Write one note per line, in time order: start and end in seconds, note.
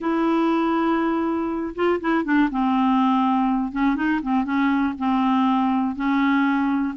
0.00 1.74 E4
1.75 1.99 F4
2.00 2.24 E4
2.24 2.49 D4
2.50 3.72 C4
3.72 3.95 C#4
3.95 4.20 D#4
4.22 4.44 C4
4.44 4.94 C#4
4.98 5.95 C4
5.95 6.94 C#4